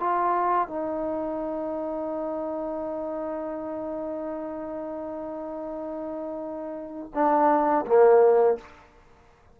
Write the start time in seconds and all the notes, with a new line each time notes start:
0.00 F4
0.68 D#4
7.14 D4
7.86 A#3